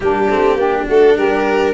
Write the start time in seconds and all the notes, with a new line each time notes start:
0.00 G3 A#3 D4 G4
0.29 A3 C4
0.55 A#3 D4 G4
0.85 A3 F#4 A4
1.15 G3 G4 A#4